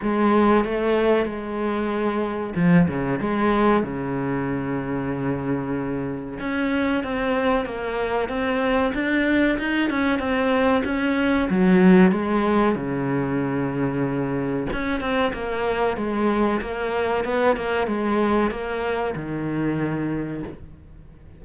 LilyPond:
\new Staff \with { instrumentName = "cello" } { \time 4/4 \tempo 4 = 94 gis4 a4 gis2 | f8 cis8 gis4 cis2~ | cis2 cis'4 c'4 | ais4 c'4 d'4 dis'8 cis'8 |
c'4 cis'4 fis4 gis4 | cis2. cis'8 c'8 | ais4 gis4 ais4 b8 ais8 | gis4 ais4 dis2 | }